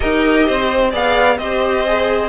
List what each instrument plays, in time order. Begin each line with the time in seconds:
0.00 cello D#4, viola G4, violin A#4 D#5
0.46 cello C4, violin C5
0.90 cello B3, viola G#4, violin D5 F5
1.38 cello C4, viola G4, violin C5 D#5
1.86 viola G#4